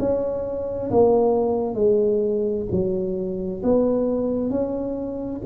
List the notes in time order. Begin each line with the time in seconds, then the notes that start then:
0.00 C#4
0.91 A#3
1.75 G#3
2.71 F#3
3.64 B3
4.50 C#4